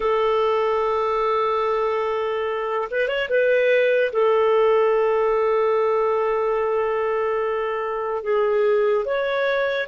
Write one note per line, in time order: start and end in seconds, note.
0.00 2.88 A4
2.90 3.07 B4
3.07 3.28 C#5
3.29 4.11 B4
4.12 8.23 A4
8.23 9.04 G#4
9.04 9.87 C#5